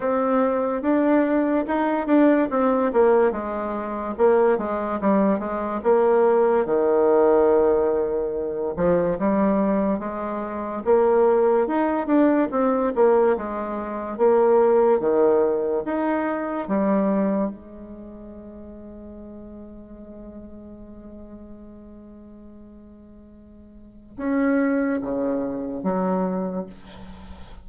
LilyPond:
\new Staff \with { instrumentName = "bassoon" } { \time 4/4 \tempo 4 = 72 c'4 d'4 dis'8 d'8 c'8 ais8 | gis4 ais8 gis8 g8 gis8 ais4 | dis2~ dis8 f8 g4 | gis4 ais4 dis'8 d'8 c'8 ais8 |
gis4 ais4 dis4 dis'4 | g4 gis2.~ | gis1~ | gis4 cis'4 cis4 fis4 | }